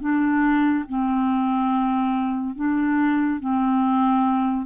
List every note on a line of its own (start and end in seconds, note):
0.00 0.85 D4
0.89 2.56 C4
2.56 3.40 D4
3.40 4.66 C4